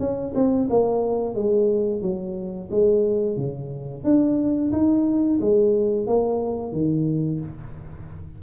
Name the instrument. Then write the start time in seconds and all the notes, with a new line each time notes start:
tuba
0.00 C#4
0.35 C4
0.70 A#3
1.35 G#3
2.02 F#3
2.71 G#3
3.37 C#3
4.04 D4
4.72 D#4
5.41 G#3
6.07 A#3
6.73 D#3